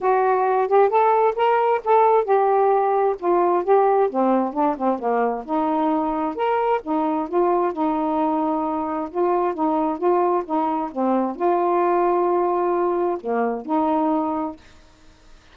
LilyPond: \new Staff \with { instrumentName = "saxophone" } { \time 4/4 \tempo 4 = 132 fis'4. g'8 a'4 ais'4 | a'4 g'2 f'4 | g'4 c'4 d'8 c'8 ais4 | dis'2 ais'4 dis'4 |
f'4 dis'2. | f'4 dis'4 f'4 dis'4 | c'4 f'2.~ | f'4 ais4 dis'2 | }